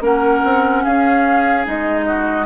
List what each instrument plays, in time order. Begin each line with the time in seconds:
0.00 bassoon A#3, clarinet C#4, oboe A#4, flute F#5
0.44 bassoon C4
0.84 bassoon C#4, oboe G#4, flute F5
1.64 bassoon G#3, clarinet D#4, flute D#5
2.07 oboe F#4